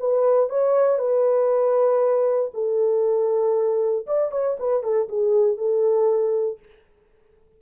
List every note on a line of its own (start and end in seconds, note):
0.00 0.50 B4
0.50 0.99 C#5
0.99 2.51 B4
2.54 4.07 A4
4.07 4.32 D5
4.32 4.57 C#5
4.60 4.83 B4
4.83 5.09 A4
5.09 5.58 G#4
5.58 6.59 A4